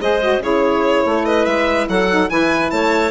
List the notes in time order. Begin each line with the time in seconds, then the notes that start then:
0.00 G#3 G#4 C5 D#5
0.21 F#4
0.38 C#3 E4 G#4 C#5
1.05 A3 A4
1.25 B4 D#5
1.45 G#3 E5
1.88 F#3 A4 F#5
2.09 D#4
2.29 E3 E4 B4 G#5
2.70 A3 C#5 A5